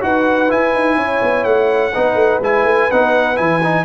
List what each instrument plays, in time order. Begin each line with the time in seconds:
0.00 tuba D#4, trombone F#4, horn B4, trumpet F#5
0.48 trombone E4, tuba E4, trumpet G#5
0.74 tuba D#4
0.96 tuba C#4, horn C#5
1.22 tuba B3
1.44 tuba A3, trumpet F#5
1.92 tuba B3, trombone D#4, horn B4
2.14 tuba A3
2.40 tuba G#3, trombone E4, trumpet G#5
2.64 tuba A3
2.91 tuba B3, trombone D#4, trumpet F#5
3.35 tuba E3, trombone E4, trumpet G#5
3.63 trombone D#4